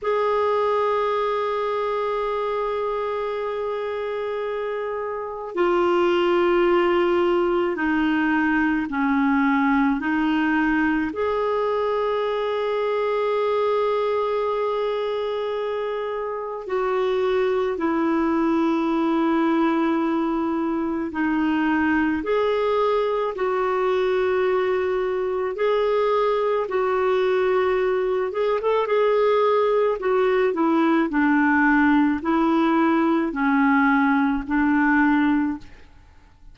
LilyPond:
\new Staff \with { instrumentName = "clarinet" } { \time 4/4 \tempo 4 = 54 gis'1~ | gis'4 f'2 dis'4 | cis'4 dis'4 gis'2~ | gis'2. fis'4 |
e'2. dis'4 | gis'4 fis'2 gis'4 | fis'4. gis'16 a'16 gis'4 fis'8 e'8 | d'4 e'4 cis'4 d'4 | }